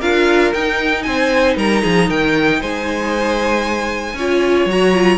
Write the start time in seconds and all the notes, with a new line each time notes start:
0.00 D4 F4 A#4 F5
0.54 D#4 G5
1.03 C4 C5 G#5
1.57 G3 A#4 A#5
1.83 F3 G#4
2.09 D#3 A#4 G5
2.60 G#3 C5 G#5
4.14 C#4 F4 C#5
4.66 F#3 F#4 A#5
4.94 F4